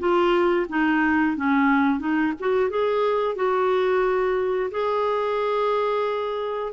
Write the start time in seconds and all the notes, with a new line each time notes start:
0.00 F4
0.70 D#4
1.37 C#4
2.00 D#4
2.40 F#4
2.70 G#4
3.36 F#4
4.72 G#4